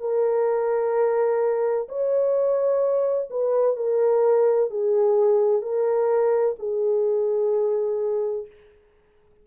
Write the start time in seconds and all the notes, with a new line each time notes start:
0.00 A#4
1.88 C#5
3.30 B4
3.76 A#4
4.70 G#4
5.61 A#4
6.59 G#4